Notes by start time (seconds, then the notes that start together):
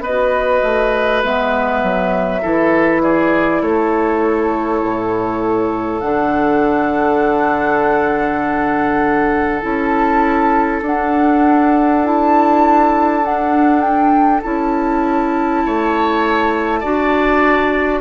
0.00 B3 F#4 B4 D#5
0.63 A3
1.23 G#3 B3 E5
1.83 F#3
2.42 E3 E4 A4
3.02 G#4 D5
3.62 A3 A4 C#5
4.82 A2
6.00 D3 D4 F#5
9.61 C#4 E4 A5
10.81 D4 F#5
12.04 E4 A5
13.23 D4 F#5
13.81 G5
14.42 C#4 E4 A5
15.65 A3 C#5
16.80 D4 F#4 D5